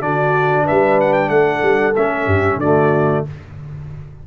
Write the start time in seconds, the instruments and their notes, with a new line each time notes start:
0.00 tuba D3, trombone D4, horn F#4, trumpet D5
0.64 tuba G3, horn B4, trumpet E5
1.00 trumpet F#5
1.13 trumpet G5
1.29 tuba A3, horn A4, trumpet F#5
1.62 tuba G3
1.96 tuba A3, trombone C#4, trumpet E5
2.25 tuba G2, horn G4
2.56 tuba D3, trombone A3, horn F#4, trumpet D5